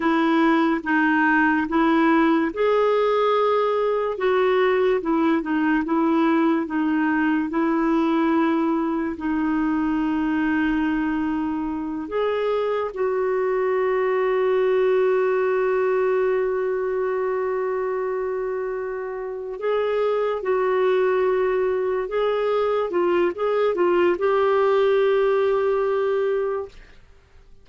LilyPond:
\new Staff \with { instrumentName = "clarinet" } { \time 4/4 \tempo 4 = 72 e'4 dis'4 e'4 gis'4~ | gis'4 fis'4 e'8 dis'8 e'4 | dis'4 e'2 dis'4~ | dis'2~ dis'8 gis'4 fis'8~ |
fis'1~ | fis'2.~ fis'8 gis'8~ | gis'8 fis'2 gis'4 f'8 | gis'8 f'8 g'2. | }